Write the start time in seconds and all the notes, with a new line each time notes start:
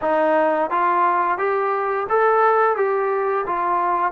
0.01 D#4
0.70 F4
1.38 G4
2.09 A4
2.76 G4
3.46 F4